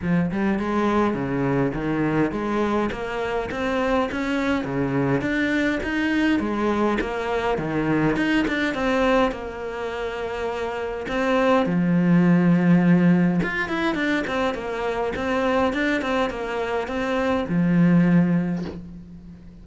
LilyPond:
\new Staff \with { instrumentName = "cello" } { \time 4/4 \tempo 4 = 103 f8 g8 gis4 cis4 dis4 | gis4 ais4 c'4 cis'4 | cis4 d'4 dis'4 gis4 | ais4 dis4 dis'8 d'8 c'4 |
ais2. c'4 | f2. f'8 e'8 | d'8 c'8 ais4 c'4 d'8 c'8 | ais4 c'4 f2 | }